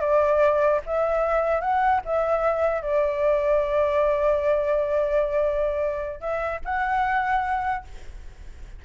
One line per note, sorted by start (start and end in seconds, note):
0.00 0.80 D5
0.86 1.60 E5
1.60 2.00 F#5
2.05 2.82 E5
2.82 6.20 D5
6.20 6.60 E5
6.64 7.84 F#5